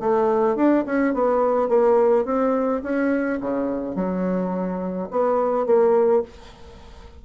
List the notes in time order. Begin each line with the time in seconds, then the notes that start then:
0.00 A3
0.56 D4
0.86 C#4
1.14 B3
1.69 A#3
2.25 C4
2.83 C#4
3.41 C#3
3.95 F#3
5.11 B3
5.66 A#3